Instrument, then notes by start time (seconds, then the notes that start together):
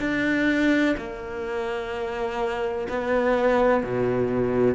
cello
0.00 D4
0.97 A#3
2.89 B3
3.84 B2